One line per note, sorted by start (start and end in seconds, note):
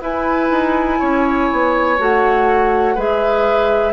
0.00 0.49 E4
0.00 1.97 E4
0.00 0.99 B4
0.00 2.00 G#5
0.50 0.99 D#4
0.99 1.50 C#4
0.99 2.95 C#5
1.52 1.98 B3
1.98 2.96 A3
1.98 2.96 F#4
1.98 2.98 F#5
2.95 3.93 G#3
2.95 3.93 G#4
2.95 3.93 B4
2.95 3.93 E5